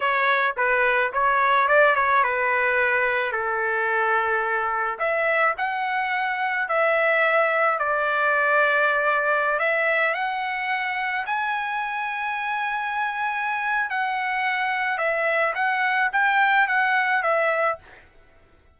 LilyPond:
\new Staff \with { instrumentName = "trumpet" } { \time 4/4 \tempo 4 = 108 cis''4 b'4 cis''4 d''8 cis''8 | b'2 a'2~ | a'4 e''4 fis''2 | e''2 d''2~ |
d''4~ d''16 e''4 fis''4.~ fis''16~ | fis''16 gis''2.~ gis''8.~ | gis''4 fis''2 e''4 | fis''4 g''4 fis''4 e''4 | }